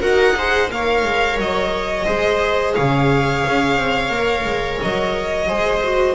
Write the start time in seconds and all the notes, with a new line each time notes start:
0.00 D#4 F#4 A#4 F#5
0.38 G#4 C5
0.69 A#3 A#4 C#5 F5
1.03 G#3
1.37 F#3 D#5
2.06 G#3 G#4 C5
2.74 C#3 C#5 F5
3.47 C#4
3.76 C4
4.09 A#3 A#4
4.44 G#3
4.82 F#3 D#5
5.48 G#3 G#4 C5
5.83 F#4